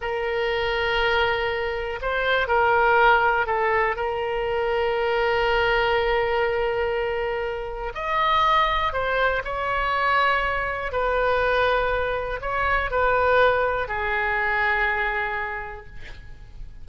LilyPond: \new Staff \with { instrumentName = "oboe" } { \time 4/4 \tempo 4 = 121 ais'1 | c''4 ais'2 a'4 | ais'1~ | ais'1 |
dis''2 c''4 cis''4~ | cis''2 b'2~ | b'4 cis''4 b'2 | gis'1 | }